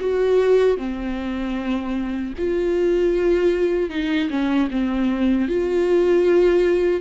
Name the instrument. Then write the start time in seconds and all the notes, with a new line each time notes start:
viola
0.00 F#4
0.78 C4
2.38 F4
3.90 D#4
4.30 C#4
4.71 C4
5.49 F4